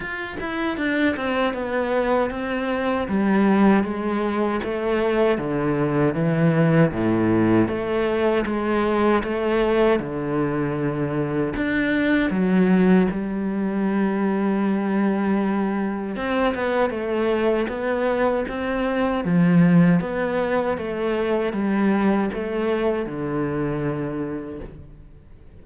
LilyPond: \new Staff \with { instrumentName = "cello" } { \time 4/4 \tempo 4 = 78 f'8 e'8 d'8 c'8 b4 c'4 | g4 gis4 a4 d4 | e4 a,4 a4 gis4 | a4 d2 d'4 |
fis4 g2.~ | g4 c'8 b8 a4 b4 | c'4 f4 b4 a4 | g4 a4 d2 | }